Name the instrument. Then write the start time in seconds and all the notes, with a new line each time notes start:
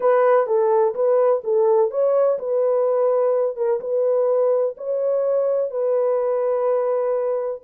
horn
0.00 B4
0.46 A4
0.94 B4
1.44 A4
1.90 C#5
2.39 B4
3.56 A#4
3.80 B4
4.77 C#5
5.70 B4